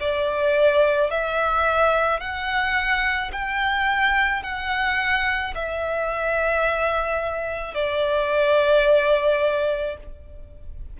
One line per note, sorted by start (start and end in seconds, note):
0.00 1.11 D5
1.11 2.20 E5
2.20 3.31 F#5
3.32 4.43 G5
4.43 5.54 F#5
5.55 7.75 E5
7.75 9.97 D5